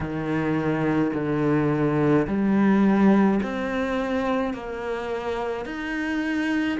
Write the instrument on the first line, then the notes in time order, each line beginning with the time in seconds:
cello
0.00 D#3
1.13 D3
2.26 G3
3.42 C4
4.53 A#3
5.66 D#4